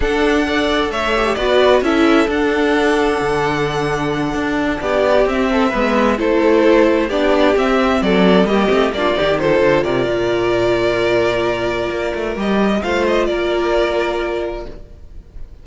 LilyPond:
<<
  \new Staff \with { instrumentName = "violin" } { \time 4/4 \tempo 4 = 131 fis''2 e''4 d''4 | e''4 fis''2.~ | fis''2~ fis''8 d''4 e''8~ | e''4. c''2 d''8~ |
d''8 e''4 d''4 dis''4 d''8~ | d''8 c''4 d''2~ d''8~ | d''2. dis''4 | f''8 dis''8 d''2. | }
  \new Staff \with { instrumentName = "violin" } { \time 4/4 a'4 d''4 cis''4 b'4 | a'1~ | a'2~ a'8 g'4. | a'8 b'4 a'2 g'8~ |
g'4. a'4 g'4 f'8 | g'8 a'4 ais'2~ ais'8~ | ais'1 | c''4 ais'2. | }
  \new Staff \with { instrumentName = "viola" } { \time 4/4 d'4 a'4. g'8 fis'4 | e'4 d'2.~ | d'2.~ d'8 c'8~ | c'8 b4 e'2 d'8~ |
d'8 c'2 ais8 c'8 d'8 | dis'8 f'2.~ f'8~ | f'2. g'4 | f'1 | }
  \new Staff \with { instrumentName = "cello" } { \time 4/4 d'2 a4 b4 | cis'4 d'2 d4~ | d4. d'4 b4 c'8~ | c'8 gis4 a2 b8~ |
b8 c'4 fis4 g8 a8 ais8 | dis4 d8 c8 ais,2~ | ais,2 ais8 a8 g4 | a4 ais2. | }
>>